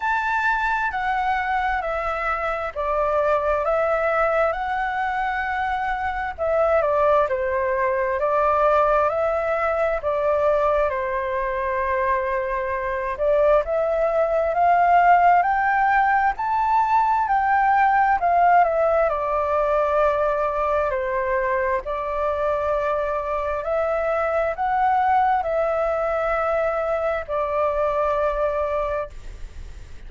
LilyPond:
\new Staff \with { instrumentName = "flute" } { \time 4/4 \tempo 4 = 66 a''4 fis''4 e''4 d''4 | e''4 fis''2 e''8 d''8 | c''4 d''4 e''4 d''4 | c''2~ c''8 d''8 e''4 |
f''4 g''4 a''4 g''4 | f''8 e''8 d''2 c''4 | d''2 e''4 fis''4 | e''2 d''2 | }